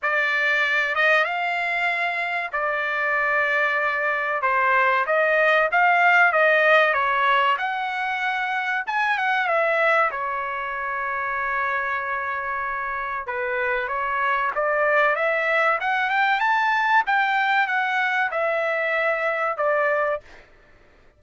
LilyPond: \new Staff \with { instrumentName = "trumpet" } { \time 4/4 \tempo 4 = 95 d''4. dis''8 f''2 | d''2. c''4 | dis''4 f''4 dis''4 cis''4 | fis''2 gis''8 fis''8 e''4 |
cis''1~ | cis''4 b'4 cis''4 d''4 | e''4 fis''8 g''8 a''4 g''4 | fis''4 e''2 d''4 | }